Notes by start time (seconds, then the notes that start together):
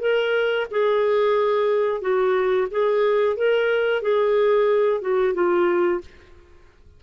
0.00 A#4
0.71 G#4
2.01 F#4
2.71 G#4
3.37 A#4
4.02 G#4
5.01 F#4
5.34 F4